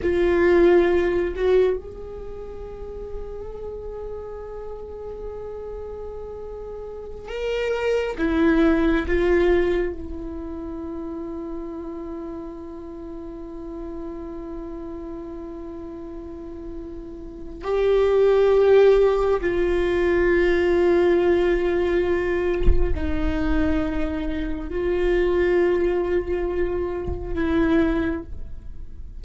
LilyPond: \new Staff \with { instrumentName = "viola" } { \time 4/4 \tempo 4 = 68 f'4. fis'8 gis'2~ | gis'1~ | gis'16 ais'4 e'4 f'4 e'8.~ | e'1~ |
e'1 | g'2 f'2~ | f'2 dis'2 | f'2. e'4 | }